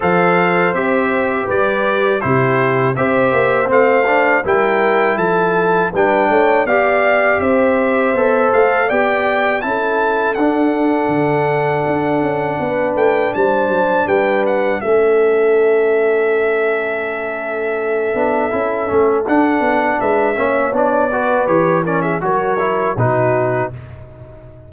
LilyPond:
<<
  \new Staff \with { instrumentName = "trumpet" } { \time 4/4 \tempo 4 = 81 f''4 e''4 d''4 c''4 | e''4 f''4 g''4 a''4 | g''4 f''4 e''4. f''8 | g''4 a''4 fis''2~ |
fis''4. g''8 a''4 g''8 fis''8 | e''1~ | e''2 fis''4 e''4 | d''4 cis''8 d''16 e''16 cis''4 b'4 | }
  \new Staff \with { instrumentName = "horn" } { \time 4/4 c''2 b'4 g'4 | c''2 ais'4 a'4 | b'8 cis''8 d''4 c''2 | d''4 a'2.~ |
a'4 b'4 c''4 b'4 | a'1~ | a'2. b'8 cis''8~ | cis''8 b'4 ais'16 gis'16 ais'4 fis'4 | }
  \new Staff \with { instrumentName = "trombone" } { \time 4/4 a'4 g'2 e'4 | g'4 c'8 d'8 e'2 | d'4 g'2 a'4 | g'4 e'4 d'2~ |
d'1 | cis'1~ | cis'8 d'8 e'8 cis'8 d'4. cis'8 | d'8 fis'8 g'8 cis'8 fis'8 e'8 dis'4 | }
  \new Staff \with { instrumentName = "tuba" } { \time 4/4 f4 c'4 g4 c4 | c'8 ais8 a4 g4 f4 | g8 a8 b4 c'4 b8 a8 | b4 cis'4 d'4 d4 |
d'8 cis'8 b8 a8 g8 fis8 g4 | a1~ | a8 b8 cis'8 a8 d'8 b8 gis8 ais8 | b4 e4 fis4 b,4 | }
>>